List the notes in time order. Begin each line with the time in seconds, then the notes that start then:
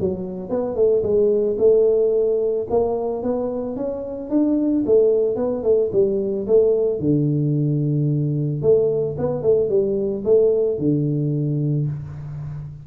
0.00 F#3
0.50 B3
0.76 A3
1.03 G#3
1.59 A3
2.70 A#3
3.23 B3
3.76 C#4
4.30 D4
4.86 A3
5.36 B3
5.63 A3
5.93 G3
6.47 A3
7.00 D3
8.62 A3
9.18 B3
9.43 A3
9.70 G3
10.25 A3
10.79 D3